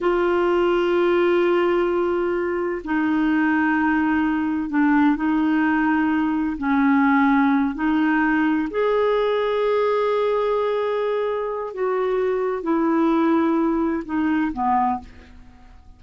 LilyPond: \new Staff \with { instrumentName = "clarinet" } { \time 4/4 \tempo 4 = 128 f'1~ | f'2 dis'2~ | dis'2 d'4 dis'4~ | dis'2 cis'2~ |
cis'8 dis'2 gis'4.~ | gis'1~ | gis'4 fis'2 e'4~ | e'2 dis'4 b4 | }